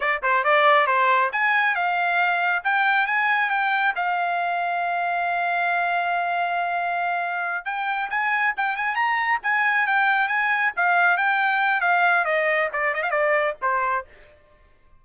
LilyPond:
\new Staff \with { instrumentName = "trumpet" } { \time 4/4 \tempo 4 = 137 d''8 c''8 d''4 c''4 gis''4 | f''2 g''4 gis''4 | g''4 f''2.~ | f''1~ |
f''4. g''4 gis''4 g''8 | gis''8 ais''4 gis''4 g''4 gis''8~ | gis''8 f''4 g''4. f''4 | dis''4 d''8 dis''16 f''16 d''4 c''4 | }